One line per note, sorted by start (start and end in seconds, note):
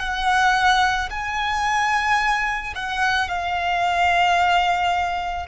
0.00 1.09 F#5
1.10 2.74 G#5
2.75 3.28 F#5
3.28 5.46 F5